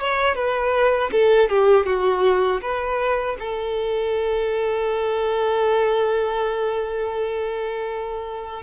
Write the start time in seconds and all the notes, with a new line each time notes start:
0.00 C#5
0.35 B4
1.12 A4
1.50 G4
1.86 F#4
2.61 B4
3.40 A4